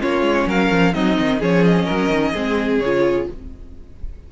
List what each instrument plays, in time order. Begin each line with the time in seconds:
0.00 cello A#3, viola C#4, violin F4 C#5
0.22 cello G#3
0.47 cello F#3, violin A#4 F5
0.71 cello F3
0.93 cello F#3, viola C4, violin D#4 D#5
1.20 cello D#3
1.39 cello F3, viola C#4, violin G#4 C#5
1.65 violin D#5
1.85 cello F#3, violin A#4
2.10 cello D#3
2.33 cello G#3, viola C4, violin G#4
2.80 cello C#3, viola F4, violin C#5